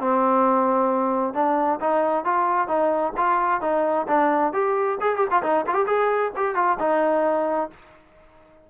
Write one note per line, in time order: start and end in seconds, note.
0.00 1.34 C4
1.34 1.80 D4
1.81 2.25 D#4
2.25 2.68 F4
2.68 3.13 D#4
3.17 3.61 F4
3.61 4.07 D#4
4.08 4.53 D4
4.53 4.99 G4
5.01 5.16 G#4
5.16 5.27 G4
5.31 5.42 F4
5.43 5.65 D#4
5.67 5.75 F4
5.75 5.86 G4
5.87 6.32 G#4
6.36 6.55 G4
6.55 6.78 F4
6.80 7.70 D#4